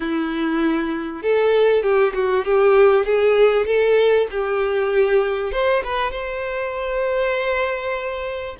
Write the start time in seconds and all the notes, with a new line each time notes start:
0.00 E4
1.22 A4
1.82 G4
2.14 F#4
2.44 G4
3.05 G#4
3.65 A4
4.30 G4
5.52 C5
5.84 B4
6.11 C5